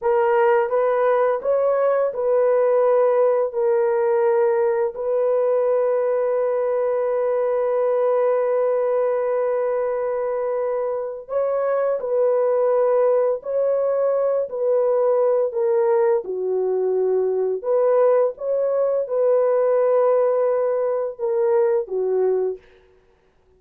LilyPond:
\new Staff \with { instrumentName = "horn" } { \time 4/4 \tempo 4 = 85 ais'4 b'4 cis''4 b'4~ | b'4 ais'2 b'4~ | b'1~ | b'1 |
cis''4 b'2 cis''4~ | cis''8 b'4. ais'4 fis'4~ | fis'4 b'4 cis''4 b'4~ | b'2 ais'4 fis'4 | }